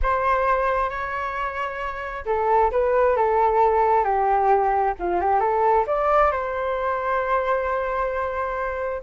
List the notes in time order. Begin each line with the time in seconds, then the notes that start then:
0.02 C5
0.89 C#5
2.25 A4
2.71 B4
3.16 A4
4.04 G4
4.99 F4
5.20 G4
5.40 A4
5.86 D5
6.31 C5